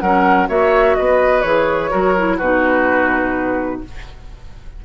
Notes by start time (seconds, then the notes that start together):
0.00 F#3 C#4 A#4 F#5
0.49 A#3 F#4 C#5 E5
0.96 B3 B4 D#5
1.42 E3 G#4 C#5
1.90 F#3 F#4 A#4
2.17 E4
2.38 B2 D#4 F#4 B4